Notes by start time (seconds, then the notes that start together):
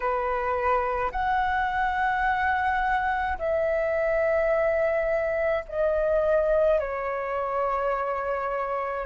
0.00 B4
1.11 F#5
3.38 E5
5.68 D#5
6.79 C#5